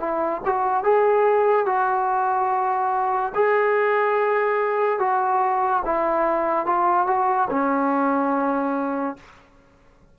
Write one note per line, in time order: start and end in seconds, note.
0.00 0.42 E4
0.45 0.84 F#4
0.84 1.67 G#4
1.67 3.33 F#4
3.35 5.00 G#4
5.00 5.83 F#4
5.86 6.66 E4
6.66 7.07 F4
7.07 7.49 F#4
7.50 9.17 C#4